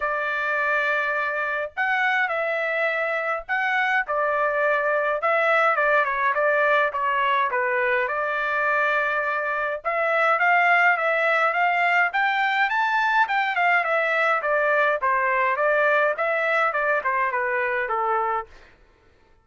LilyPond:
\new Staff \with { instrumentName = "trumpet" } { \time 4/4 \tempo 4 = 104 d''2. fis''4 | e''2 fis''4 d''4~ | d''4 e''4 d''8 cis''8 d''4 | cis''4 b'4 d''2~ |
d''4 e''4 f''4 e''4 | f''4 g''4 a''4 g''8 f''8 | e''4 d''4 c''4 d''4 | e''4 d''8 c''8 b'4 a'4 | }